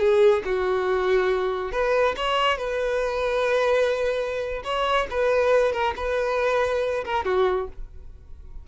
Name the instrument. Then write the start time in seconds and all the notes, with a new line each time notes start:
violin
0.00 G#4
0.45 F#4
1.72 B4
2.17 C#5
2.58 B4
4.65 C#5
5.11 B4
5.73 A#4
5.97 B4
7.05 A#4
7.25 F#4